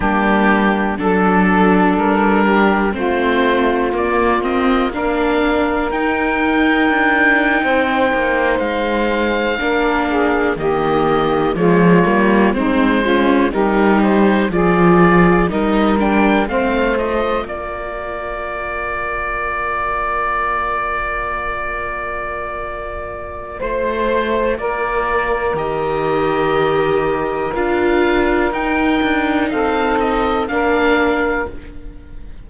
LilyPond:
<<
  \new Staff \with { instrumentName = "oboe" } { \time 4/4 \tempo 4 = 61 g'4 a'4 ais'4 c''4 | d''8 dis''8 f''4 g''2~ | g''8. f''2 dis''4 cis''16~ | cis''8. c''4 ais'8 c''8 d''4 dis''16~ |
dis''16 g''8 f''8 dis''8 d''2~ d''16~ | d''1 | c''4 d''4 dis''2 | f''4 g''4 f''8 dis''8 f''4 | }
  \new Staff \with { instrumentName = "saxophone" } { \time 4/4 d'4 a'4. g'8 f'4~ | f'4 ais'2~ ais'8. c''16~ | c''4.~ c''16 ais'8 gis'8 g'4 f'16~ | f'8. dis'8 f'8 g'4 gis'4 ais'16~ |
ais'8. c''4 ais'2~ ais'16~ | ais'1 | c''4 ais'2.~ | ais'2 a'4 ais'4 | }
  \new Staff \with { instrumentName = "viola" } { \time 4/4 ais4 d'2 c'4 | ais8 c'8 d'4 dis'2~ | dis'4.~ dis'16 d'4 ais4 gis16~ | gis16 ais8 c'8 cis'8 dis'4 f'4 dis'16~ |
dis'16 d'8 c'8 f'2~ f'8.~ | f'1~ | f'2 g'2 | f'4 dis'2 d'4 | }
  \new Staff \with { instrumentName = "cello" } { \time 4/4 g4 fis4 g4 a4 | ais2 dis'4 d'8. c'16~ | c'16 ais8 gis4 ais4 dis4 f16~ | f16 g8 gis4 g4 f4 g16~ |
g8. a4 ais2~ ais16~ | ais1 | a4 ais4 dis2 | d'4 dis'8 d'8 c'4 ais4 | }
>>